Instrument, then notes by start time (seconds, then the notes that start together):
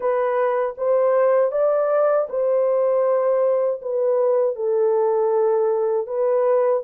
horn
0.00 B4
0.77 C5
1.51 D5
2.29 C5
3.81 B4
4.55 A4
6.07 B4